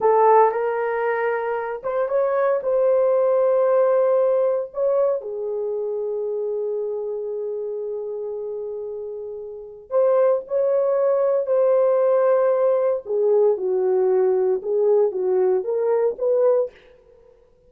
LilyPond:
\new Staff \with { instrumentName = "horn" } { \time 4/4 \tempo 4 = 115 a'4 ais'2~ ais'8 c''8 | cis''4 c''2.~ | c''4 cis''4 gis'2~ | gis'1~ |
gis'2. c''4 | cis''2 c''2~ | c''4 gis'4 fis'2 | gis'4 fis'4 ais'4 b'4 | }